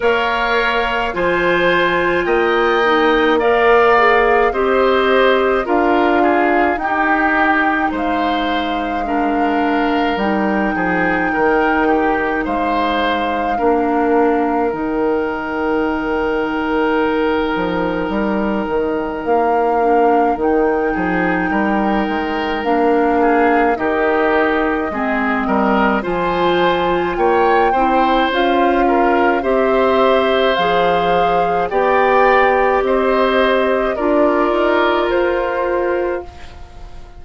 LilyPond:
<<
  \new Staff \with { instrumentName = "flute" } { \time 4/4 \tempo 4 = 53 f''4 gis''4 g''4 f''4 | dis''4 f''4 g''4 f''4~ | f''4 g''2 f''4~ | f''4 g''2.~ |
g''4 f''4 g''2 | f''4 dis''2 gis''4 | g''4 f''4 e''4 f''4 | g''4 dis''4 d''4 c''4 | }
  \new Staff \with { instrumentName = "oboe" } { \time 4/4 cis''4 c''4 dis''4 d''4 | c''4 ais'8 gis'8 g'4 c''4 | ais'4. gis'8 ais'8 g'8 c''4 | ais'1~ |
ais'2~ ais'8 gis'8 ais'4~ | ais'8 gis'8 g'4 gis'8 ais'8 c''4 | cis''8 c''4 ais'8 c''2 | d''4 c''4 ais'2 | }
  \new Staff \with { instrumentName = "clarinet" } { \time 4/4 ais'4 f'4. dis'8 ais'8 gis'8 | g'4 f'4 dis'2 | d'4 dis'2. | d'4 dis'2.~ |
dis'4. d'8 dis'2 | d'4 dis'4 c'4 f'4~ | f'8 e'8 f'4 g'4 gis'4 | g'2 f'2 | }
  \new Staff \with { instrumentName = "bassoon" } { \time 4/4 ais4 f4 ais2 | c'4 d'4 dis'4 gis4~ | gis4 g8 f8 dis4 gis4 | ais4 dis2~ dis8 f8 |
g8 dis8 ais4 dis8 f8 g8 gis8 | ais4 dis4 gis8 g8 f4 | ais8 c'8 cis'4 c'4 f4 | b4 c'4 d'8 dis'8 f'4 | }
>>